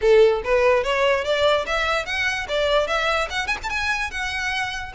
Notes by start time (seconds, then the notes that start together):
0.01 A4
0.44 B4
0.83 C#5
1.24 D5
1.66 E5
2.05 F#5
2.48 D5
2.87 E5
3.30 F#5
3.47 G#5
3.63 A5
3.69 G#5
4.10 F#5